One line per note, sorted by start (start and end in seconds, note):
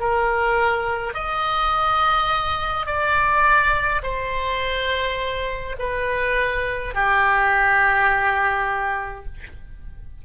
0.00 1.14 A#4
1.14 2.87 D#5
2.87 4.02 D5
4.03 5.76 C5
5.80 6.95 B4
6.95 9.26 G4